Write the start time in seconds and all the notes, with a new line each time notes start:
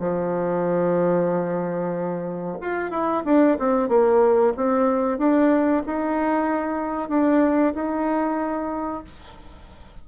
0.00 F3
2.62 F4
2.91 E4
3.26 D4
3.60 C4
3.89 A#3
4.57 C4
5.18 D4
5.87 D#4
7.10 D4
7.75 D#4